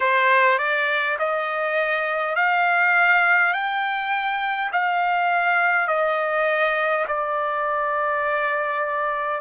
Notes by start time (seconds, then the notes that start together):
0.00 C5
0.58 D5
1.18 D#5
2.35 F5
3.53 G5
4.72 F5
5.87 D#5
7.07 D5